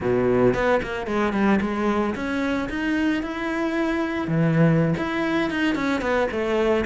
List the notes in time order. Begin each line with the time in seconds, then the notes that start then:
0.00 B2
0.54 B3
0.82 A#3
1.06 G#3
1.33 G3
1.61 G#3
2.15 C#4
2.69 D#4
3.22 E4
4.27 E3
4.97 E4
5.50 D#4
5.75 C#4
6.01 B3
6.31 A3